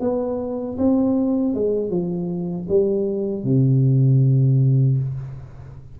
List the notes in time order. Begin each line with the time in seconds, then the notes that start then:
0.00 B3
0.78 C4
1.54 G#3
1.90 F3
2.68 G3
3.44 C3